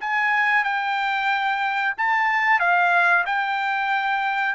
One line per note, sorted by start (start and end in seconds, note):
0.00 0.64 G#5
0.64 1.94 G5
1.97 2.59 A5
2.59 3.25 F5
3.26 4.55 G5